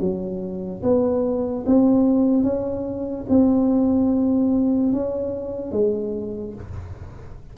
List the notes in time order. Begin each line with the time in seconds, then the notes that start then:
0.00 F#3
0.83 B3
1.66 C4
2.44 C#4
3.29 C4
4.93 C#4
5.72 G#3